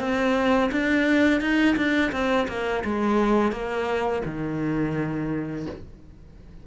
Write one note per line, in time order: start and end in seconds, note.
0.00 0.71 C4
0.72 1.41 D4
1.41 1.76 D#4
1.76 2.12 D4
2.12 2.47 C4
2.48 2.84 A#3
2.85 3.52 G#3
3.52 4.23 A#3
4.25 5.67 D#3